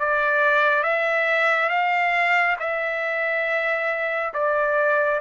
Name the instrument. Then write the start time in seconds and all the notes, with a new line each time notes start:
trumpet
0.00 D5
0.84 E5
1.70 F5
2.60 E5
4.34 D5